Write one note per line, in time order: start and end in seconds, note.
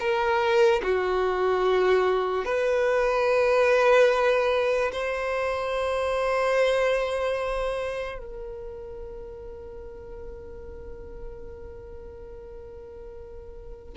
0.00 0.82 A#4
0.83 2.45 F#4
2.45 4.92 B4
4.93 8.19 C5
8.19 13.95 A#4